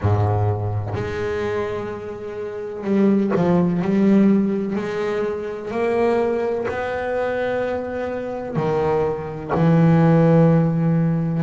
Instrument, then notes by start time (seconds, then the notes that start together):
double bass
0.01 G#2
0.94 G#3
2.84 G3
3.35 F3
3.82 G3
4.75 G#3
5.71 A#3
6.68 B3
8.55 D#3
9.54 E3